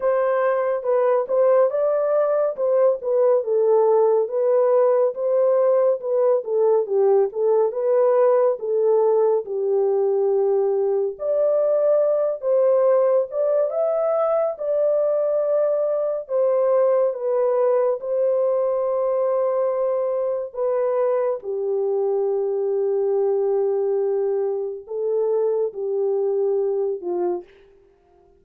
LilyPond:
\new Staff \with { instrumentName = "horn" } { \time 4/4 \tempo 4 = 70 c''4 b'8 c''8 d''4 c''8 b'8 | a'4 b'4 c''4 b'8 a'8 | g'8 a'8 b'4 a'4 g'4~ | g'4 d''4. c''4 d''8 |
e''4 d''2 c''4 | b'4 c''2. | b'4 g'2.~ | g'4 a'4 g'4. f'8 | }